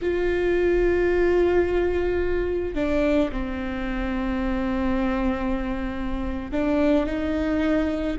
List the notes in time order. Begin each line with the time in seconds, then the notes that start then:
0.01 F4
2.74 D4
3.31 C4
6.51 D4
7.06 D#4